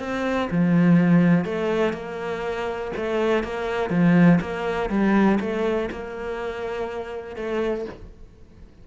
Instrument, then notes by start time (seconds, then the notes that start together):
cello
0.00 C4
0.51 F3
1.45 A3
1.94 A#3
2.97 A3
3.44 A#3
3.91 F3
4.41 A#3
4.90 G3
5.41 A3
5.92 A#3
7.36 A3